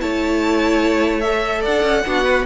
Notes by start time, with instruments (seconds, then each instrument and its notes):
0.00 cello A3, viola E4, violin C#5 A5
1.20 viola A4, violin E5
1.61 cello D4, violin D5 F#5
1.82 cello C#4
2.06 cello B3, viola D4, violin F#4
2.24 viola B4